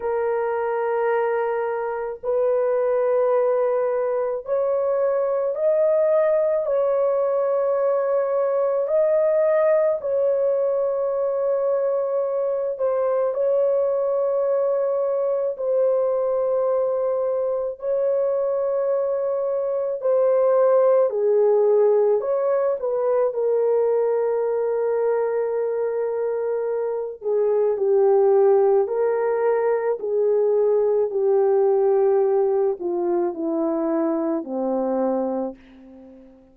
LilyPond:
\new Staff \with { instrumentName = "horn" } { \time 4/4 \tempo 4 = 54 ais'2 b'2 | cis''4 dis''4 cis''2 | dis''4 cis''2~ cis''8 c''8 | cis''2 c''2 |
cis''2 c''4 gis'4 | cis''8 b'8 ais'2.~ | ais'8 gis'8 g'4 ais'4 gis'4 | g'4. f'8 e'4 c'4 | }